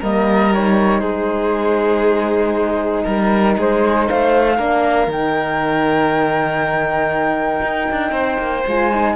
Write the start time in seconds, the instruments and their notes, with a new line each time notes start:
0.00 cello G3, horn A#3, violin A#4, flute D#5
0.54 horn D#4, flute C#5
1.00 cello G#3, violin G#4, flute C5
3.04 cello G3, violin A#4, flute A#4
3.57 cello G#3, violin G#4, flute C5
4.07 cello A3, violin C5, flute F5
4.57 cello A#3, horn D4, violin A#4
5.07 cello D#3, horn D#4, flute G5
7.62 cello D#4
7.92 cello D4
8.11 cello C4, violin C5
8.39 cello A#3
8.67 cello G#3, horn F4, flute G#5
8.92 horn D#4